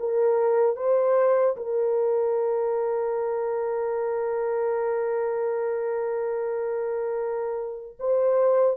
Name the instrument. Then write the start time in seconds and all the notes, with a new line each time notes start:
horn
0.00 A#4
0.77 C5
1.57 A#4
8.00 C5